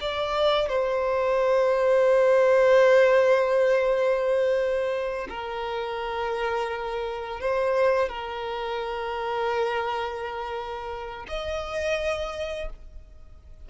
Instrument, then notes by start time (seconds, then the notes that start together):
violin
0.00 D5
0.68 C5
5.29 A#4
7.40 C5
8.08 A#4
11.28 D#5